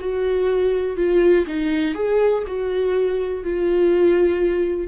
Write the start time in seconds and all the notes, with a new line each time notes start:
0.00 F#4
0.97 F4
1.47 D#4
1.95 G#4
2.47 F#4
3.44 F4